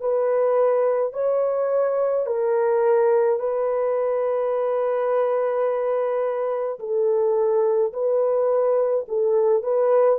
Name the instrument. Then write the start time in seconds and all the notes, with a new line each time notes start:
horn
0.00 B4
1.13 C#5
2.26 A#4
3.39 B4
6.79 A4
7.92 B4
9.08 A4
9.63 B4